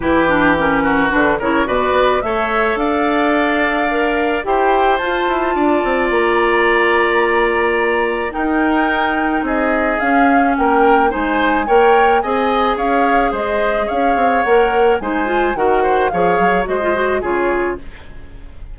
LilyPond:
<<
  \new Staff \with { instrumentName = "flute" } { \time 4/4 \tempo 4 = 108 b'4 ais'4 b'8 cis''8 d''4 | e''4 f''2. | g''4 a''2 ais''4~ | ais''2. g''4~ |
g''4 dis''4 f''4 g''4 | gis''4 g''4 gis''4 f''4 | dis''4 f''4 fis''4 gis''4 | fis''4 f''4 dis''4 cis''4 | }
  \new Staff \with { instrumentName = "oboe" } { \time 4/4 g'4. fis'4 ais'8 b'4 | cis''4 d''2. | c''2 d''2~ | d''2. ais'4~ |
ais'4 gis'2 ais'4 | c''4 cis''4 dis''4 cis''4 | c''4 cis''2 c''4 | ais'8 c''8 cis''4 c''4 gis'4 | }
  \new Staff \with { instrumentName = "clarinet" } { \time 4/4 e'8 d'8 cis'4 d'8 e'8 fis'4 | a'2. ais'4 | g'4 f'2.~ | f'2. dis'4~ |
dis'2 cis'2 | dis'4 ais'4 gis'2~ | gis'2 ais'4 dis'8 f'8 | fis'4 gis'4 fis'16 f'16 fis'8 f'4 | }
  \new Staff \with { instrumentName = "bassoon" } { \time 4/4 e2 d8 cis8 b,8 b8 | a4 d'2. | e'4 f'8 e'8 d'8 c'8 ais4~ | ais2. dis'4~ |
dis'4 c'4 cis'4 ais4 | gis4 ais4 c'4 cis'4 | gis4 cis'8 c'8 ais4 gis4 | dis4 f8 fis8 gis4 cis4 | }
>>